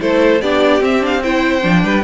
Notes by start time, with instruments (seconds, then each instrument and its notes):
0.00 cello A3, viola E4, violin A4 C5
0.41 cello B3, viola D4, violin G4 D5
0.81 viola C4, cello C4, violin E5
1.01 viola D4, violin F5
1.22 viola E4, violin C5 G5
1.61 cello F3, viola D4
1.84 cello G3, violin B4